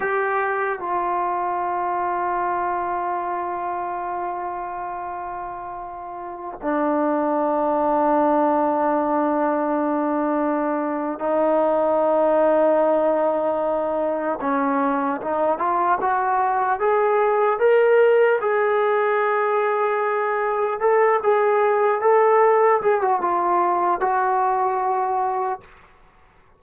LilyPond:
\new Staff \with { instrumentName = "trombone" } { \time 4/4 \tempo 4 = 75 g'4 f'2.~ | f'1~ | f'16 d'2.~ d'8.~ | d'2 dis'2~ |
dis'2 cis'4 dis'8 f'8 | fis'4 gis'4 ais'4 gis'4~ | gis'2 a'8 gis'4 a'8~ | a'8 gis'16 fis'16 f'4 fis'2 | }